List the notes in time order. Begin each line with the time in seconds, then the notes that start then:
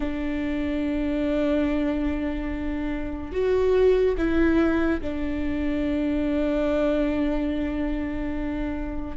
0.00 D4
3.31 F#4
4.17 E4
5.01 D4